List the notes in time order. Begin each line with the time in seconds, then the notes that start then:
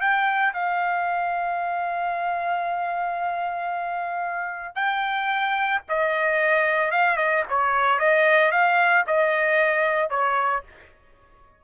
0.00 G5
0.53 F5
4.75 G5
5.89 D#5
6.91 F5
7.17 D#5
7.49 C#5
7.99 D#5
8.52 F5
9.07 D#5
10.10 C#5